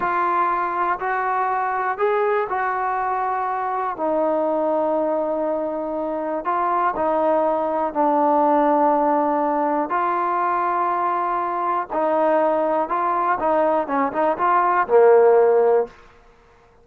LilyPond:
\new Staff \with { instrumentName = "trombone" } { \time 4/4 \tempo 4 = 121 f'2 fis'2 | gis'4 fis'2. | dis'1~ | dis'4 f'4 dis'2 |
d'1 | f'1 | dis'2 f'4 dis'4 | cis'8 dis'8 f'4 ais2 | }